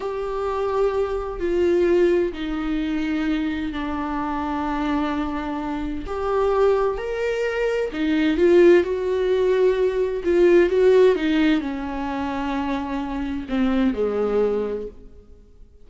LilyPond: \new Staff \with { instrumentName = "viola" } { \time 4/4 \tempo 4 = 129 g'2. f'4~ | f'4 dis'2. | d'1~ | d'4 g'2 ais'4~ |
ais'4 dis'4 f'4 fis'4~ | fis'2 f'4 fis'4 | dis'4 cis'2.~ | cis'4 c'4 gis2 | }